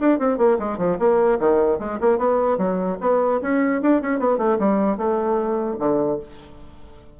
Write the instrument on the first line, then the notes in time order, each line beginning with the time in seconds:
bassoon
0.00 D4
0.19 C4
0.38 A#3
0.59 G#3
0.78 F3
0.99 A#3
1.39 D#3
1.79 G#3
2.00 A#3
2.18 B3
2.57 F#3
3.00 B3
3.41 C#4
3.81 D4
4.01 C#4
4.19 B3
4.38 A3
4.59 G3
4.97 A3
5.79 D3